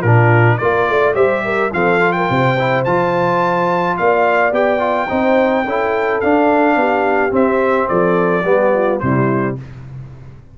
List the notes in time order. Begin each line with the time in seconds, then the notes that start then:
0.00 A#2 D4 F4 A#4
0.57 A#3 F4 A#4 D5
0.89 A3 D5
1.14 G3 G4 C5 E5
1.44 A#4
1.73 F3 C4 A4 F5
2.00 F4
2.12 A#4 G5
2.29 C3 C5
2.58 E4
2.84 F3 F4 A5
3.97 A#3 D5 F5
4.51 B3 G4 G5
4.79 F4
5.08 C4 D#4 C5
5.64 C#4 E4 A4
6.20 D4 F5
6.76 B3 G4
7.30 C4 E5
7.88 F3 A4 D5
8.44 G3 B3 G4
8.74 F4
8.99 C3 G3 E4 C5